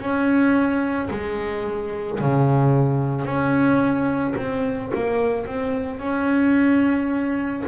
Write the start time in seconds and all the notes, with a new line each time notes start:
0.00 C#4
1.11 G#3
2.20 C#3
3.25 C#4
4.37 C4
4.94 A#3
5.46 C4
6.00 C#4